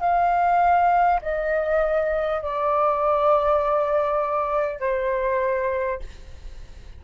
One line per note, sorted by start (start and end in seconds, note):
0.00 1.20 F5
1.22 2.41 D#5
2.41 4.79 D5
4.79 5.99 C5